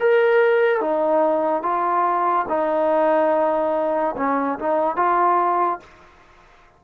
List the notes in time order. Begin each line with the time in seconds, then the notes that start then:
0.00 A#4
0.81 D#4
1.63 F4
2.49 D#4
4.17 C#4
4.59 D#4
4.97 F4